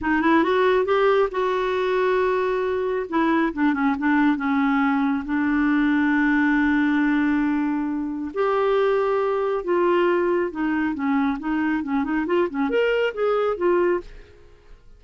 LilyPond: \new Staff \with { instrumentName = "clarinet" } { \time 4/4 \tempo 4 = 137 dis'8 e'8 fis'4 g'4 fis'4~ | fis'2. e'4 | d'8 cis'8 d'4 cis'2 | d'1~ |
d'2. g'4~ | g'2 f'2 | dis'4 cis'4 dis'4 cis'8 dis'8 | f'8 cis'8 ais'4 gis'4 f'4 | }